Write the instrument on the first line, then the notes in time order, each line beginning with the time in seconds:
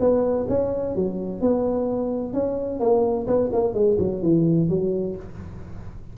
tuba
0.00 B3
0.49 C#4
0.96 F#3
1.41 B3
2.34 C#4
2.80 A#3
3.27 B3
3.53 A#3
3.74 G#3
3.99 F#3
4.22 E3
4.69 F#3